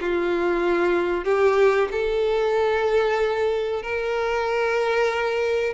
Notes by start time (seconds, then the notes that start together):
0.00 F4
1.24 G4
1.91 A4
3.82 A#4